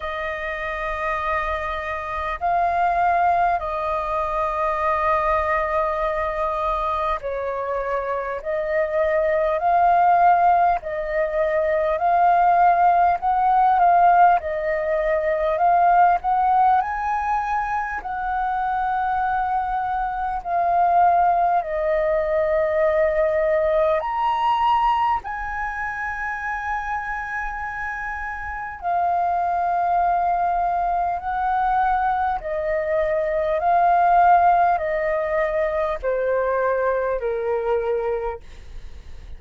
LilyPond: \new Staff \with { instrumentName = "flute" } { \time 4/4 \tempo 4 = 50 dis''2 f''4 dis''4~ | dis''2 cis''4 dis''4 | f''4 dis''4 f''4 fis''8 f''8 | dis''4 f''8 fis''8 gis''4 fis''4~ |
fis''4 f''4 dis''2 | ais''4 gis''2. | f''2 fis''4 dis''4 | f''4 dis''4 c''4 ais'4 | }